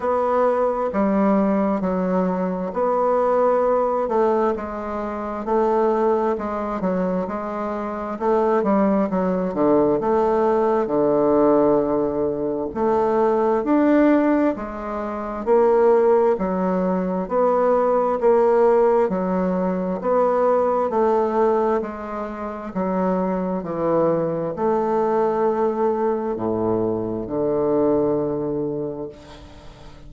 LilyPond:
\new Staff \with { instrumentName = "bassoon" } { \time 4/4 \tempo 4 = 66 b4 g4 fis4 b4~ | b8 a8 gis4 a4 gis8 fis8 | gis4 a8 g8 fis8 d8 a4 | d2 a4 d'4 |
gis4 ais4 fis4 b4 | ais4 fis4 b4 a4 | gis4 fis4 e4 a4~ | a4 a,4 d2 | }